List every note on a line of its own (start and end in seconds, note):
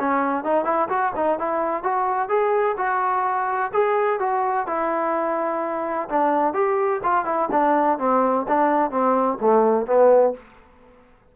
0.00 0.44 C#4
0.44 0.65 D#4
0.65 0.89 E4
0.89 1.13 F#4
1.16 1.39 D#4
1.39 1.84 E4
1.84 2.29 F#4
2.29 2.76 G#4
2.78 3.72 F#4
3.73 4.20 G#4
4.20 4.67 F#4
4.68 6.09 E4
6.09 6.54 D4
6.54 7.01 G4
7.04 7.26 F4
7.26 7.49 E4
7.52 7.99 D4
7.99 8.46 C4
8.48 8.91 D4
8.91 9.38 C4
9.41 9.87 A3
9.87 10.34 B3